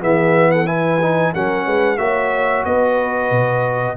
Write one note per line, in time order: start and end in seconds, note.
0.00 1.34 E3
0.00 0.65 B3
0.00 0.50 G#4
0.00 0.52 E5
0.52 0.68 A4
0.52 0.67 F#5
0.65 0.98 E4
0.65 1.34 B4
0.65 1.33 G#5
1.02 1.34 D#4
1.34 1.66 F#3
1.34 1.98 C#4
1.34 1.66 A#4
1.34 1.98 F#5
1.66 1.98 G#3
1.66 1.99 B4
1.98 2.64 A#3
1.98 3.96 F#4
1.98 2.66 C#5
1.98 2.64 E5
2.65 3.31 B3
2.65 3.97 B4
2.65 3.97 D#5
3.31 3.97 B2